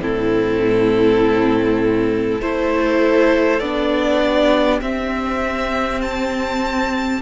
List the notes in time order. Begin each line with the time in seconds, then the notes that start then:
0.00 A2 C4 E4 A4
2.40 A3 E4 A4 C5
3.59 B3 D4 D5
4.22 G4
4.81 C4 E5
6.01 A5